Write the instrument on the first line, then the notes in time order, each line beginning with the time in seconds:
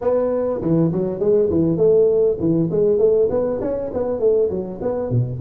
tuba
0.01 B3
0.61 E3
0.92 F#3
1.19 G#3
1.49 E3
1.77 A3
2.39 E3
2.70 G#3
2.98 A3
3.29 B3
3.61 C#4
3.93 B3
4.19 A3
4.50 F#3
4.81 B3
5.09 B2